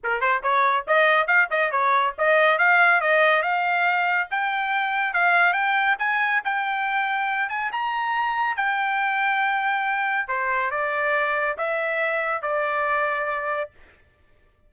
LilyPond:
\new Staff \with { instrumentName = "trumpet" } { \time 4/4 \tempo 4 = 140 ais'8 c''8 cis''4 dis''4 f''8 dis''8 | cis''4 dis''4 f''4 dis''4 | f''2 g''2 | f''4 g''4 gis''4 g''4~ |
g''4. gis''8 ais''2 | g''1 | c''4 d''2 e''4~ | e''4 d''2. | }